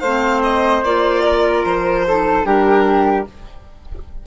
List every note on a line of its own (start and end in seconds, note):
0.00 0.83 A3
0.00 0.85 C4
0.00 1.23 C5
0.00 0.41 F5
0.43 0.83 D#5
0.83 1.64 A#3
0.83 2.07 F4
0.83 1.65 D5
1.25 2.06 A#4
1.65 2.45 F3
1.65 2.45 C5
2.07 2.44 D#4
2.07 2.45 A4
2.44 3.26 G3
2.44 3.25 D4
2.44 3.26 G4
2.44 3.26 A#4